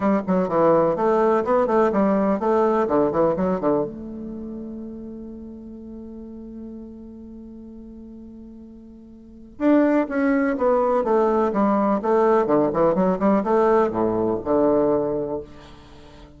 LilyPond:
\new Staff \with { instrumentName = "bassoon" } { \time 4/4 \tempo 4 = 125 g8 fis8 e4 a4 b8 a8 | g4 a4 d8 e8 fis8 d8 | a1~ | a1~ |
a1 | d'4 cis'4 b4 a4 | g4 a4 d8 e8 fis8 g8 | a4 a,4 d2 | }